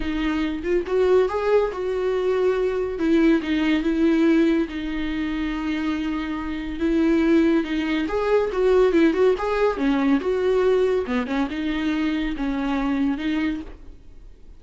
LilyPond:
\new Staff \with { instrumentName = "viola" } { \time 4/4 \tempo 4 = 141 dis'4. f'8 fis'4 gis'4 | fis'2. e'4 | dis'4 e'2 dis'4~ | dis'1 |
e'2 dis'4 gis'4 | fis'4 e'8 fis'8 gis'4 cis'4 | fis'2 b8 cis'8 dis'4~ | dis'4 cis'2 dis'4 | }